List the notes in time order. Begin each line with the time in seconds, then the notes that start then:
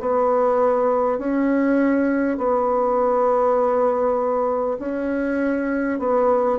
0.00 B3
1.18 C#4
2.37 B3
4.79 C#4
5.99 B3